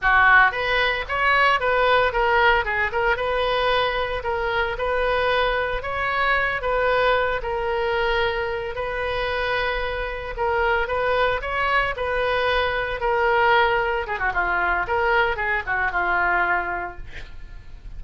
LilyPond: \new Staff \with { instrumentName = "oboe" } { \time 4/4 \tempo 4 = 113 fis'4 b'4 cis''4 b'4 | ais'4 gis'8 ais'8 b'2 | ais'4 b'2 cis''4~ | cis''8 b'4. ais'2~ |
ais'8 b'2. ais'8~ | ais'8 b'4 cis''4 b'4.~ | b'8 ais'2 gis'16 fis'16 f'4 | ais'4 gis'8 fis'8 f'2 | }